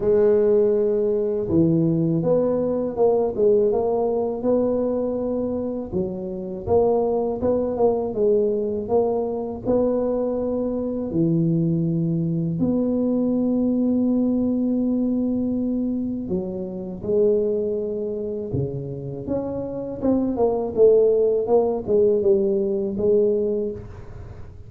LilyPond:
\new Staff \with { instrumentName = "tuba" } { \time 4/4 \tempo 4 = 81 gis2 e4 b4 | ais8 gis8 ais4 b2 | fis4 ais4 b8 ais8 gis4 | ais4 b2 e4~ |
e4 b2.~ | b2 fis4 gis4~ | gis4 cis4 cis'4 c'8 ais8 | a4 ais8 gis8 g4 gis4 | }